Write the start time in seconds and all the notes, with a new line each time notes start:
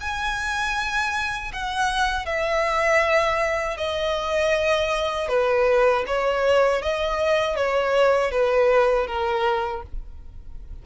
0.00 G#5
1.53 F#5
2.25 E5
3.77 D#5
5.28 B4
6.07 C#5
6.82 D#5
7.56 C#5
8.31 B4
9.07 A#4